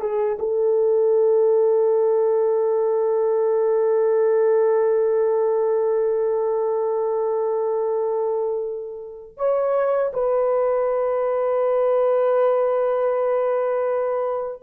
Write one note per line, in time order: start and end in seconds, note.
0.00 0.38 G#4
0.39 9.37 A4
9.37 10.12 C#5
10.13 14.62 B4